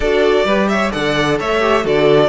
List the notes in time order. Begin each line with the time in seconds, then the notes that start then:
0.00 D4 F#4 A4 D5
0.44 G3 G4 B4
0.67 C#5 E5
0.91 D3 A4 D5 F#5
1.38 A3 C#5 E5
1.60 G4
1.82 D3 F#4 A4 D5